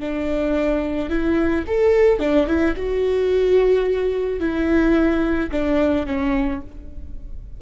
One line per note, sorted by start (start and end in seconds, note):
0.00 1.10 D4
1.10 1.65 E4
1.67 2.19 A4
2.19 2.47 D4
2.47 2.75 E4
2.76 4.40 F#4
4.40 5.50 E4
5.52 6.07 D4
6.07 6.62 C#4